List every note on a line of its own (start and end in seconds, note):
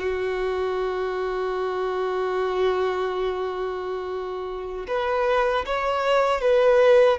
0.00 4.87 F#4
4.88 5.66 B4
5.66 6.41 C#5
6.41 7.19 B4